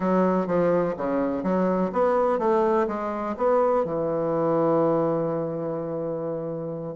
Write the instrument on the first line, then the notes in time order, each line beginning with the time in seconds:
bassoon
0.00 F#3
0.46 F3
0.97 C#3
1.43 F#3
1.92 B3
2.38 A3
2.87 G#3
3.37 B3
3.84 E3